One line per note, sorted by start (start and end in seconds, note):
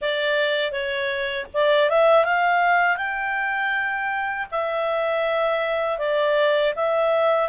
0.01 0.71 D5
0.71 1.46 C#5
1.53 1.89 D5
1.89 2.25 E5
2.25 2.96 F5
2.96 4.46 G5
4.51 5.98 E5
5.98 6.73 D5
6.75 7.49 E5